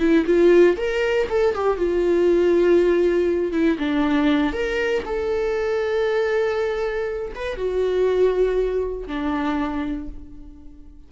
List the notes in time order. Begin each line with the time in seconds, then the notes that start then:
0.00 E4
0.26 F4
0.77 A#4
1.30 A4
1.55 G4
1.78 F4
3.53 E4
3.79 D4
4.53 A#4
5.06 A4
7.36 B4
7.57 F#4
9.07 D4